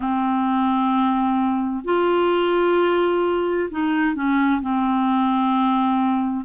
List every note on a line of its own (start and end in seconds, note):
0.00 1.84 C4
1.84 3.69 F4
3.70 4.15 D#4
4.15 4.61 C#4
4.61 6.44 C4